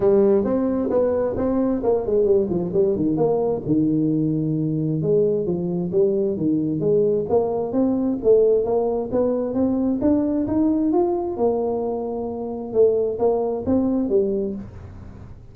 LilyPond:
\new Staff \with { instrumentName = "tuba" } { \time 4/4 \tempo 4 = 132 g4 c'4 b4 c'4 | ais8 gis8 g8 f8 g8 dis8 ais4 | dis2. gis4 | f4 g4 dis4 gis4 |
ais4 c'4 a4 ais4 | b4 c'4 d'4 dis'4 | f'4 ais2. | a4 ais4 c'4 g4 | }